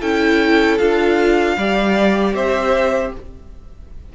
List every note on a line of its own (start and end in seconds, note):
0.00 0.80 C#4
0.00 0.79 E4
0.00 1.56 A4
0.00 0.78 G5
0.78 1.57 D4
0.78 1.57 F4
0.78 2.34 F5
1.57 2.34 G3
1.57 3.15 G4
1.57 2.35 D5
2.34 3.12 C4
2.34 3.13 C5
2.34 3.13 E5